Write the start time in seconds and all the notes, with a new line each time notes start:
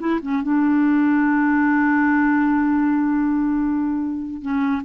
0.00 E4
0.22 C#4
0.42 D4
4.42 C#4